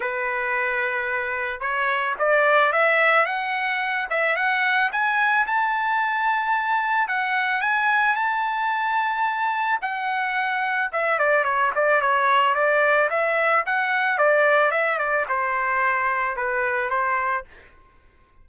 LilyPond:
\new Staff \with { instrumentName = "trumpet" } { \time 4/4 \tempo 4 = 110 b'2. cis''4 | d''4 e''4 fis''4. e''8 | fis''4 gis''4 a''2~ | a''4 fis''4 gis''4 a''4~ |
a''2 fis''2 | e''8 d''8 cis''8 d''8 cis''4 d''4 | e''4 fis''4 d''4 e''8 d''8 | c''2 b'4 c''4 | }